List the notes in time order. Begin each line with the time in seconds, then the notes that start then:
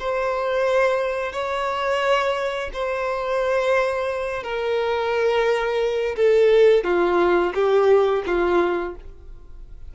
0.00 C5
1.33 C#5
2.74 C5
4.44 A#4
6.17 A4
6.84 F4
7.55 G4
8.27 F4